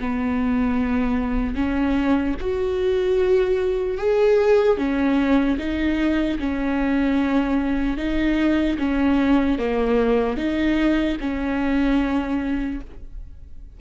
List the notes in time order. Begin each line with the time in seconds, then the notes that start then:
0.00 B3
1.55 C#4
2.40 F#4
3.97 G#4
4.77 C#4
5.58 D#4
6.39 C#4
7.97 D#4
8.78 C#4
9.58 A#3
10.37 D#4
11.20 C#4